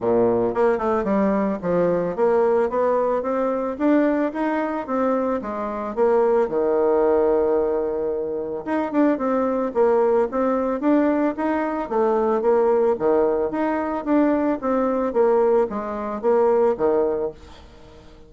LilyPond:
\new Staff \with { instrumentName = "bassoon" } { \time 4/4 \tempo 4 = 111 ais,4 ais8 a8 g4 f4 | ais4 b4 c'4 d'4 | dis'4 c'4 gis4 ais4 | dis1 |
dis'8 d'8 c'4 ais4 c'4 | d'4 dis'4 a4 ais4 | dis4 dis'4 d'4 c'4 | ais4 gis4 ais4 dis4 | }